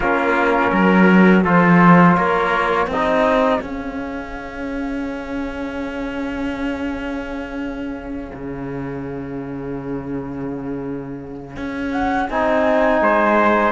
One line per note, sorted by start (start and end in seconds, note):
0.00 0.71 A#3
0.00 1.44 C#4
0.00 0.70 F4
0.00 1.41 A#4
0.70 1.44 F#3
0.70 1.42 A#4
1.44 2.16 F3
1.44 2.88 F4
1.44 2.16 A4
1.44 2.16 C5
2.16 2.87 A#3
2.16 2.87 A#4
2.16 2.88 C#5
2.87 3.59 C4
2.87 12.99 G#4
2.87 3.59 D#5
2.93 3.61 D#4
3.59 8.31 C#4
3.59 12.29 C#4
3.59 11.90 F5
8.34 11.56 C#3
11.56 12.28 C#4
11.92 12.28 F#5
12.29 13.01 C4
12.29 13.71 D#4
12.29 13.71 G#5
13.01 13.71 G#3
13.01 13.71 C5